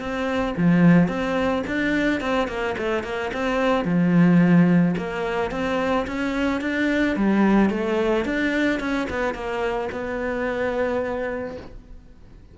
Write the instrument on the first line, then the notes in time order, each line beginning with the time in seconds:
cello
0.00 C4
0.57 F3
1.08 C4
1.67 D4
2.21 C4
2.48 A#3
2.78 A3
3.04 A#3
3.34 C4
3.85 F3
4.98 A#3
5.51 C4
6.08 C#4
6.62 D4
7.16 G3
7.70 A3
8.25 D4
8.80 C#4
9.10 B3
9.34 A#3
9.92 B3